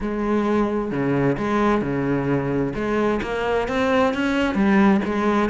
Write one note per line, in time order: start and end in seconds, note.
0.01 0.91 G#3
0.91 1.37 C#3
1.37 1.81 G#3
1.81 2.73 C#3
2.75 3.21 G#3
3.22 3.68 A#3
3.68 4.13 C4
4.14 4.54 C#4
4.54 5.00 G3
5.05 5.49 G#3